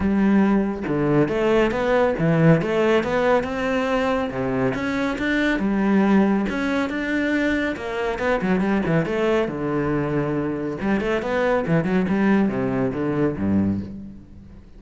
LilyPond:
\new Staff \with { instrumentName = "cello" } { \time 4/4 \tempo 4 = 139 g2 d4 a4 | b4 e4 a4 b4 | c'2 c4 cis'4 | d'4 g2 cis'4 |
d'2 ais4 b8 fis8 | g8 e8 a4 d2~ | d4 g8 a8 b4 e8 fis8 | g4 c4 d4 g,4 | }